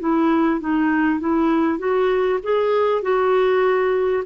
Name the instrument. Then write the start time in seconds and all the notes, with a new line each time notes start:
clarinet
0.00 E4
0.61 D#4
1.20 E4
1.79 F#4
2.44 G#4
3.02 F#4